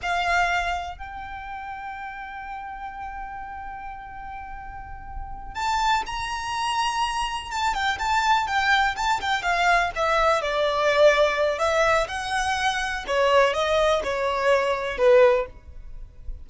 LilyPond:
\new Staff \with { instrumentName = "violin" } { \time 4/4 \tempo 4 = 124 f''2 g''2~ | g''1~ | g''2.~ g''8 a''8~ | a''8 ais''2. a''8 |
g''8 a''4 g''4 a''8 g''8 f''8~ | f''8 e''4 d''2~ d''8 | e''4 fis''2 cis''4 | dis''4 cis''2 b'4 | }